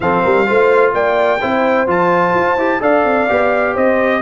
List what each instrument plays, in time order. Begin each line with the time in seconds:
0.00 tuba F3, trombone C4, horn A4, trumpet F5
0.23 tuba G3, horn A#4
0.46 tuba A3, trombone F4, horn C5
0.93 tuba A#3, horn D5, trumpet G5
1.41 tuba C4, trombone E4, horn C5
1.87 tuba F3, trombone F4, trumpet A5
2.34 tuba F4
2.56 tuba E4, trombone G4
2.80 tuba D4, trombone A4, horn D5, trumpet F5
3.04 tuba C4
3.28 tuba B3, trombone G4
3.74 tuba C4, horn C5, trumpet D#5